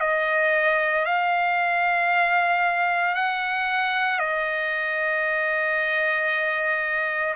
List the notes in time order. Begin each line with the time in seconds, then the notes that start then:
0.00 D#5
1.05 F5
3.15 F#5
4.19 D#5